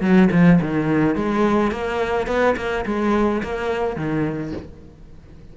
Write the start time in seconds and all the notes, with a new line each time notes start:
0.00 F#3
0.31 F3
0.61 D#3
1.15 G#3
1.71 A#3
2.27 B3
2.56 A#3
2.85 G#3
3.43 A#3
3.96 D#3